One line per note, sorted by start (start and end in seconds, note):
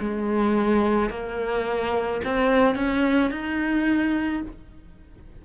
0.00 1.11 G#3
1.11 2.22 A#3
2.25 2.76 C4
2.76 3.31 C#4
3.31 4.42 D#4